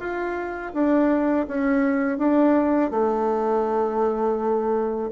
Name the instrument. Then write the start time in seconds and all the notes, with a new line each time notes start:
bassoon
0.00 F4
0.74 D4
1.48 C#4
2.19 D4
2.91 A3